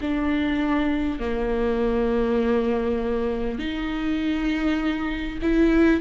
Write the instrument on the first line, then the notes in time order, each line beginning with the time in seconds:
viola
0.00 D4
1.19 A#3
3.58 D#4
5.42 E4